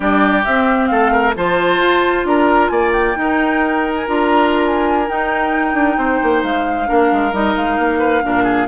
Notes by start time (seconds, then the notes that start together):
0.00 G3 D4 G4 D5
0.43 C4 E5
0.86 A3 A4 F5
1.11 A#4
1.35 F3 F4 C5 A5
1.78 F4
2.24 D4 A#4 A#5
2.68 A#3 D5 G#5
2.92 G5
3.15 D#4 A#4
3.95 G#5
4.07 D4 F4 A#5
4.65 G#5
5.06 D#4 G5
5.73 D4
5.96 C4 C5
6.22 A#3
6.43 G#3 F5
6.86 A#3 D4 A#4
7.12 G#3
7.32 G3 D#4 D#5
7.56 G#3 F5
7.78 A#3
7.98 B4
8.22 A#2 D4 A#4
8.43 G#4